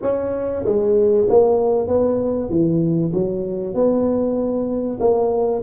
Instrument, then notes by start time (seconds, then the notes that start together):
tuba
0.02 C#4
0.65 G#3
1.29 A#3
1.88 B3
2.49 E3
3.13 F#3
3.74 B3
5.00 A#3